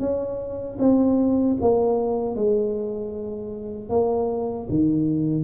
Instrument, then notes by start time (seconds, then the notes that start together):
tuba
0.00 C#4
0.80 C4
1.62 A#3
2.36 G#3
3.90 A#3
4.70 D#3